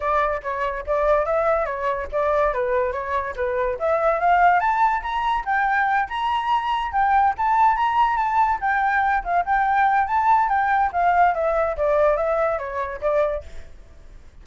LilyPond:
\new Staff \with { instrumentName = "flute" } { \time 4/4 \tempo 4 = 143 d''4 cis''4 d''4 e''4 | cis''4 d''4 b'4 cis''4 | b'4 e''4 f''4 a''4 | ais''4 g''4. ais''4.~ |
ais''8 g''4 a''4 ais''4 a''8~ | a''8 g''4. f''8 g''4. | a''4 g''4 f''4 e''4 | d''4 e''4 cis''4 d''4 | }